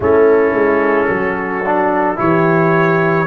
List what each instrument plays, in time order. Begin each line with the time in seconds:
0.00 tuba A3, trombone C#4, horn E4, trumpet A4
0.52 tuba G#3
1.08 tuba F#3, horn F#4
1.66 trombone D4
2.16 tuba E3, trombone E4, horn G4, trumpet C#5